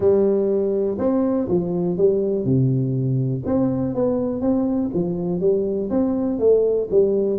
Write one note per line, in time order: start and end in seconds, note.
0.00 0.97 G3
0.98 1.47 C4
1.48 1.97 F3
1.97 2.45 G3
2.45 3.43 C3
3.45 3.94 C4
3.94 4.41 B3
4.41 4.90 C4
4.94 5.40 F3
5.40 5.89 G3
5.90 6.39 C4
6.39 6.88 A3
6.90 7.39 G3